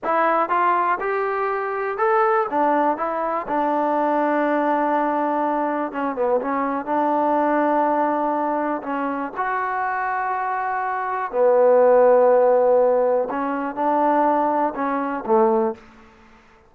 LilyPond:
\new Staff \with { instrumentName = "trombone" } { \time 4/4 \tempo 4 = 122 e'4 f'4 g'2 | a'4 d'4 e'4 d'4~ | d'1 | cis'8 b8 cis'4 d'2~ |
d'2 cis'4 fis'4~ | fis'2. b4~ | b2. cis'4 | d'2 cis'4 a4 | }